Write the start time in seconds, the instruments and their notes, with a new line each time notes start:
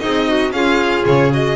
0.00 double bass C4, violin D#4 D#5, clarinet G#4
0.28 clarinet F#4
0.52 double bass C#4, clarinet F4, violin G#4 F5
1.06 double bass C#3, violin C#5
1.31 clarinet F#4, violin D#5